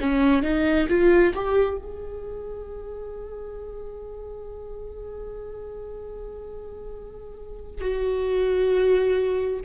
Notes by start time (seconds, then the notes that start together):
0.00 C#4
0.42 D#4
0.88 F4
1.34 G4
1.77 G#4
7.81 F#4